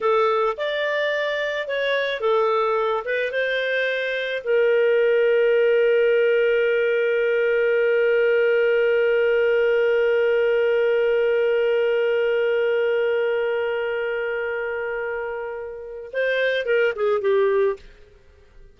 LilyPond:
\new Staff \with { instrumentName = "clarinet" } { \time 4/4 \tempo 4 = 108 a'4 d''2 cis''4 | a'4. b'8 c''2 | ais'1~ | ais'1~ |
ais'1~ | ais'1~ | ais'1~ | ais'4 c''4 ais'8 gis'8 g'4 | }